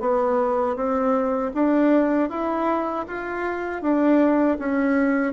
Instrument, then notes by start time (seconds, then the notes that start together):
bassoon
0.00 B3
0.76 C4
1.54 D4
2.30 E4
3.08 F4
3.82 D4
4.59 C#4